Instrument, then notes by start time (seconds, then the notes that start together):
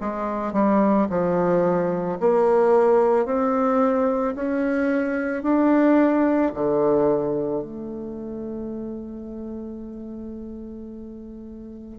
bassoon
0.00 G#3
0.53 G3
1.10 F3
2.20 A#3
3.25 C4
4.35 C#4
5.43 D4
6.54 D3
7.62 A3